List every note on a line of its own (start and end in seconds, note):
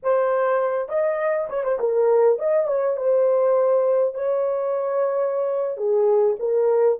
0.02 0.88 C5
0.88 1.48 D#5
1.49 1.63 C#5
1.63 1.78 C5
1.79 2.38 A#4
2.38 2.67 D#5
2.67 2.96 C#5
2.96 4.14 C5
4.14 5.77 C#5
5.77 6.36 G#4
6.39 6.98 A#4